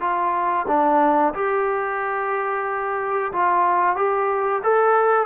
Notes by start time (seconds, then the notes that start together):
0.00 F4
0.67 D4
1.34 G4
3.32 F4
3.96 G4
4.63 A4